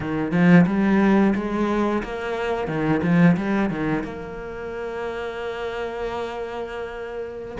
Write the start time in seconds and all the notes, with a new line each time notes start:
0.00 D#3
0.31 F3
0.66 G3
1.35 G#3
2.03 A#3
2.67 D#3
3.02 F3
3.36 G3
3.70 D#3
4.03 A#3